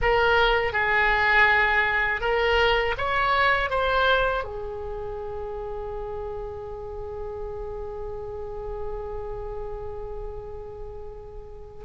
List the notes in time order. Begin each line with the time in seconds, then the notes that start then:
0.01 A#4
0.72 G#4
2.20 A#4
2.97 C#5
3.70 C5
4.43 G#4